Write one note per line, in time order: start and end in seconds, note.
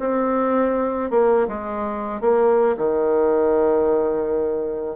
0.00 1.10 C4
1.10 1.47 A#3
1.48 2.21 G#3
2.21 2.76 A#3
2.77 4.96 D#3